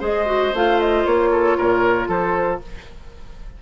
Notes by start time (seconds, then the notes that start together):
0.00 G#3 G#4 C5 D#5
0.26 F#4
0.53 A3 F4 F5
0.80 D#5
1.06 A#3 C#5
1.31 A4
1.57 A#2 A#4
2.08 F3 A4 C5